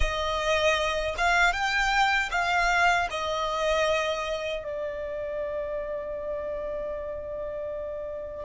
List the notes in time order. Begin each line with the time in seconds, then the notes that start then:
0.00 D#5
1.17 F5
1.52 G5
2.31 F5
3.10 D#5
4.63 D5